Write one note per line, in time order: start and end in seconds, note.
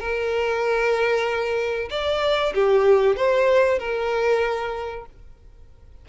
0.00 1.89 A#4
1.91 2.54 D5
2.55 3.17 G4
3.17 3.80 C5
3.80 5.06 A#4